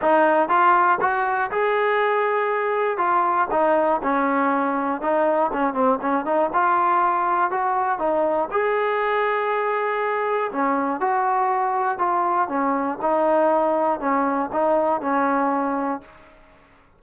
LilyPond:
\new Staff \with { instrumentName = "trombone" } { \time 4/4 \tempo 4 = 120 dis'4 f'4 fis'4 gis'4~ | gis'2 f'4 dis'4 | cis'2 dis'4 cis'8 c'8 | cis'8 dis'8 f'2 fis'4 |
dis'4 gis'2.~ | gis'4 cis'4 fis'2 | f'4 cis'4 dis'2 | cis'4 dis'4 cis'2 | }